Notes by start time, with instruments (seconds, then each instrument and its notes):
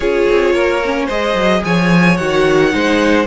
0.00 cello C#4, viola F4, violin G#4 C#5
0.29 cello C4
0.53 cello A#3, violin A#4
0.84 viola C#4
1.05 cello G#3, viola G#4, violin C5 D#5
1.34 cello F#3
1.64 cello F3, violin C#5 G#5
2.17 cello D#3, viola F#4, violin F#5
2.69 cello G#3, viola D#4, violin C5